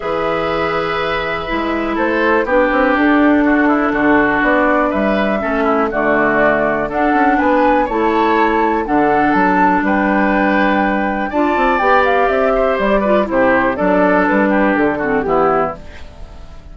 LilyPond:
<<
  \new Staff \with { instrumentName = "flute" } { \time 4/4 \tempo 4 = 122 e''1 | c''4 b'4 a'2~ | a'4 d''4 e''2 | d''2 fis''4 gis''4 |
a''2 fis''4 a''4 | g''2. a''4 | g''8 f''8 e''4 d''4 c''4 | d''4 b'4 a'4 g'4 | }
  \new Staff \with { instrumentName = "oboe" } { \time 4/4 b'1 | a'4 g'2 fis'8 e'8 | fis'2 b'4 a'8 e'8 | fis'2 a'4 b'4 |
cis''2 a'2 | b'2. d''4~ | d''4. c''4 b'8 g'4 | a'4. g'4 fis'8 e'4 | }
  \new Staff \with { instrumentName = "clarinet" } { \time 4/4 gis'2. e'4~ | e'4 d'2.~ | d'2. cis'4 | a2 d'2 |
e'2 d'2~ | d'2. f'4 | g'2~ g'8 f'8 e'4 | d'2~ d'8 c'8 b4 | }
  \new Staff \with { instrumentName = "bassoon" } { \time 4/4 e2. gis4 | a4 b8 c'8 d'2 | d4 b4 g4 a4 | d2 d'8 cis'8 b4 |
a2 d4 fis4 | g2. d'8 c'8 | b4 c'4 g4 c4 | fis4 g4 d4 e4 | }
>>